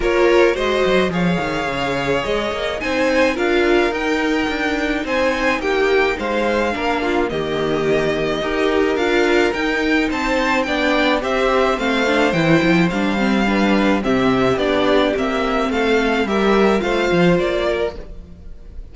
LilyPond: <<
  \new Staff \with { instrumentName = "violin" } { \time 4/4 \tempo 4 = 107 cis''4 dis''4 f''2 | dis''4 gis''4 f''4 g''4~ | g''4 gis''4 g''4 f''4~ | f''4 dis''2. |
f''4 g''4 a''4 g''4 | e''4 f''4 g''4 f''4~ | f''4 e''4 d''4 e''4 | f''4 e''4 f''4 d''4 | }
  \new Staff \with { instrumentName = "violin" } { \time 4/4 ais'4 c''4 cis''2~ | cis''4 c''4 ais'2~ | ais'4 c''4 g'4 c''4 | ais'8 f'8 g'2 ais'4~ |
ais'2 c''4 d''4 | c''1 | b'4 g'2. | a'4 ais'4 c''4. ais'8 | }
  \new Staff \with { instrumentName = "viola" } { \time 4/4 f'4 fis'4 gis'2~ | gis'4 dis'4 f'4 dis'4~ | dis'1 | d'4 ais2 g'4 |
f'4 dis'2 d'4 | g'4 c'8 d'8 e'4 d'8 c'8 | d'4 c'4 d'4 c'4~ | c'4 g'4 f'2 | }
  \new Staff \with { instrumentName = "cello" } { \time 4/4 ais4 gis8 fis8 f8 dis8 cis4 | gis8 ais8 c'4 d'4 dis'4 | d'4 c'4 ais4 gis4 | ais4 dis2 dis'4 |
d'4 dis'4 c'4 b4 | c'4 a4 e8 f8 g4~ | g4 c4 b4 ais4 | a4 g4 a8 f8 ais4 | }
>>